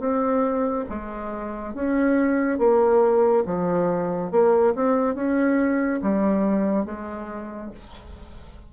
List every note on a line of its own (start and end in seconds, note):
0.00 0.86 C4
0.90 1.74 G#3
1.74 2.58 C#4
2.58 3.44 A#3
3.46 4.31 F3
4.31 4.74 A#3
4.76 5.15 C4
5.15 6.01 C#4
6.02 6.85 G3
6.85 7.71 G#3